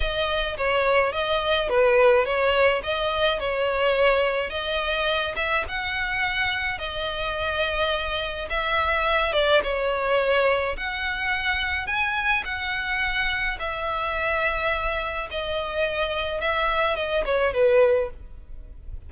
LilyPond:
\new Staff \with { instrumentName = "violin" } { \time 4/4 \tempo 4 = 106 dis''4 cis''4 dis''4 b'4 | cis''4 dis''4 cis''2 | dis''4. e''8 fis''2 | dis''2. e''4~ |
e''8 d''8 cis''2 fis''4~ | fis''4 gis''4 fis''2 | e''2. dis''4~ | dis''4 e''4 dis''8 cis''8 b'4 | }